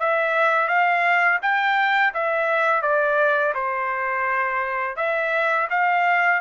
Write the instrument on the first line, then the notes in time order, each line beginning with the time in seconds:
trumpet
0.00 E5
0.68 F5
1.42 G5
2.15 E5
2.82 D5
3.55 C5
4.97 E5
5.70 F5